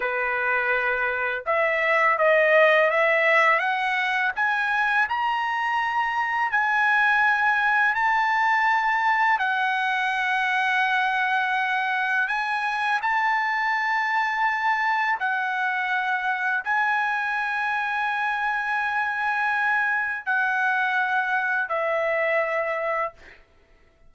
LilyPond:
\new Staff \with { instrumentName = "trumpet" } { \time 4/4 \tempo 4 = 83 b'2 e''4 dis''4 | e''4 fis''4 gis''4 ais''4~ | ais''4 gis''2 a''4~ | a''4 fis''2.~ |
fis''4 gis''4 a''2~ | a''4 fis''2 gis''4~ | gis''1 | fis''2 e''2 | }